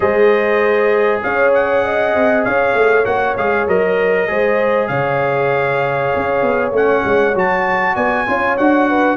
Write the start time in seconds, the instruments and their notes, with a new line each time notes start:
0.00 tuba G#3, trombone G#4, horn C5, trumpet D#5
1.22 tuba C#4, horn C#5, trumpet F5
1.54 trumpet F#5
1.84 horn D#5
2.14 tuba C4
2.44 tuba C#4, horn C#5, trumpet F5
2.74 tuba A3
3.04 tuba A#3, trombone F#4, trumpet F#5
3.37 tuba G#3, trombone G#4, trumpet F5
3.67 tuba F#3, trombone A#4, trumpet D#5
4.27 tuba G#3, trombone G#4, horn C5
4.87 tuba C#3, horn C#5, trumpet F5
6.15 tuba C#4
6.41 tuba B3
6.71 tuba A3, trombone C#4, trumpet F#5
7.04 tuba G#3
7.34 tuba F#3, trombone F#4, trumpet A5
7.95 tuba B3, horn D5, trumpet G#5
8.27 tuba C#4, trombone F4, horn C#5
8.57 tuba D4, trombone F#4, trumpet F#5
8.89 horn B4